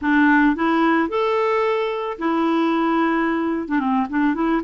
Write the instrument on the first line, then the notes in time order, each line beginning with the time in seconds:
clarinet
0.01 D4
0.55 E4
1.08 A4
2.18 E4
3.68 D4
3.79 C4
4.09 D4
4.34 E4